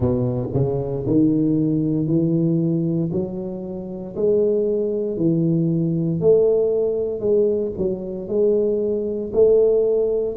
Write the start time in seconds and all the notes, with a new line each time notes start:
0.00 B2
0.53 C#3
1.06 D#3
2.06 E3
3.11 F#3
4.16 G#3
5.16 E3
6.20 A3
7.19 G#3
7.77 F#3
8.28 G#3
9.32 A3